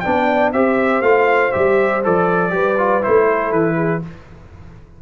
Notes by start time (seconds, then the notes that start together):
0.00 B3 D4 D5 G5
0.53 C4 G4 C5 E5
1.01 A3 F4 F5
1.52 G3 G4 E5
2.04 F3 A4 D5
2.50 G3 G4 B4
2.78 F4
3.02 A3 E4 C5
3.30 A4
3.51 E3 B4
3.76 G#4